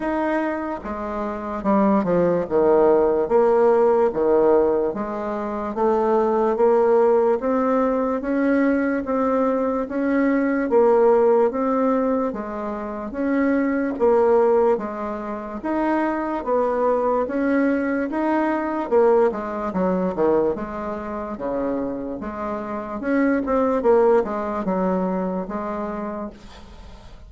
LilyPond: \new Staff \with { instrumentName = "bassoon" } { \time 4/4 \tempo 4 = 73 dis'4 gis4 g8 f8 dis4 | ais4 dis4 gis4 a4 | ais4 c'4 cis'4 c'4 | cis'4 ais4 c'4 gis4 |
cis'4 ais4 gis4 dis'4 | b4 cis'4 dis'4 ais8 gis8 | fis8 dis8 gis4 cis4 gis4 | cis'8 c'8 ais8 gis8 fis4 gis4 | }